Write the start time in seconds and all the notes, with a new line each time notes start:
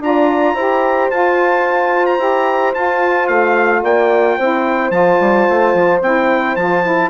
0.00 D4 F4 D5 A#5
0.54 E4 G4 C5
1.10 F4 A5
2.06 A#5
2.19 E4 G4
2.74 F4 A5
3.27 A3 F5
3.83 A#3 D5 G5
4.37 C4 E4 C5
4.91 F3 F4 A5
5.20 G3
5.49 A3
5.74 F3
6.01 C4 E4 G5
6.56 F3 F4 A5
6.84 E4